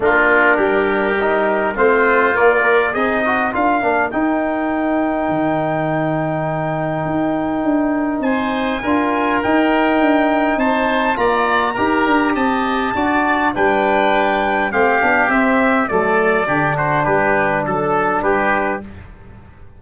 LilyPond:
<<
  \new Staff \with { instrumentName = "trumpet" } { \time 4/4 \tempo 4 = 102 ais'2. c''4 | d''4 dis''4 f''4 g''4~ | g''1~ | g''2 gis''2 |
g''2 a''4 ais''4~ | ais''4 a''2 g''4~ | g''4 f''4 e''4 d''4~ | d''8 c''8 b'4 a'4 b'4 | }
  \new Staff \with { instrumentName = "oboe" } { \time 4/4 f'4 g'2 f'4~ | f'4 dis'4 ais'2~ | ais'1~ | ais'2 c''4 ais'4~ |
ais'2 c''4 d''4 | ais'4 dis''4 d''4 b'4~ | b'4 g'2 a'4 | g'8 fis'8 g'4 a'4 g'4 | }
  \new Staff \with { instrumentName = "trombone" } { \time 4/4 d'2 dis'4 c'4 | ais8 ais'8 gis'8 fis'8 f'8 d'8 dis'4~ | dis'1~ | dis'2. f'4 |
dis'2. f'4 | g'2 fis'4 d'4~ | d'4 c'8 d'8 c'4 a4 | d'1 | }
  \new Staff \with { instrumentName = "tuba" } { \time 4/4 ais4 g2 a4 | ais4 c'4 d'8 ais8 dis'4~ | dis'4 dis2. | dis'4 d'4 c'4 d'4 |
dis'4 d'4 c'4 ais4 | dis'8 d'8 c'4 d'4 g4~ | g4 a8 b8 c'4 fis4 | d4 g4 fis4 g4 | }
>>